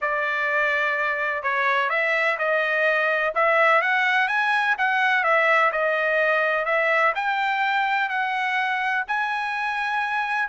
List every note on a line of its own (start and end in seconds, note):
0.01 1.42 D5
1.42 1.89 C#5
1.89 2.37 E5
2.38 3.33 D#5
3.34 3.81 E5
3.81 4.27 F#5
4.27 4.75 G#5
4.78 5.23 F#5
5.23 5.71 E5
5.72 6.65 D#5
6.65 7.12 E5
7.15 8.09 G5
8.09 9.04 F#5
9.07 10.48 G#5